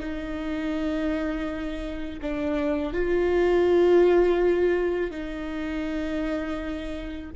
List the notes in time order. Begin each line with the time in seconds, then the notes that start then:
0.00 D#4
2.22 D4
2.93 F4
5.11 D#4